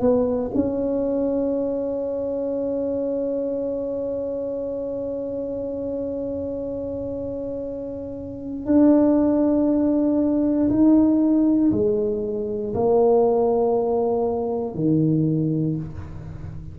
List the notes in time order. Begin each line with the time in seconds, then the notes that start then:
0.00 B3
0.55 C#4
8.66 D4
10.70 D#4
11.72 G#3
12.74 A#3
14.75 D#3